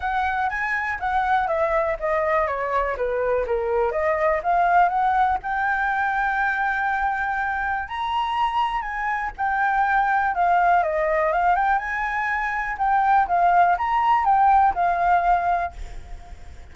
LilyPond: \new Staff \with { instrumentName = "flute" } { \time 4/4 \tempo 4 = 122 fis''4 gis''4 fis''4 e''4 | dis''4 cis''4 b'4 ais'4 | dis''4 f''4 fis''4 g''4~ | g''1 |
ais''2 gis''4 g''4~ | g''4 f''4 dis''4 f''8 g''8 | gis''2 g''4 f''4 | ais''4 g''4 f''2 | }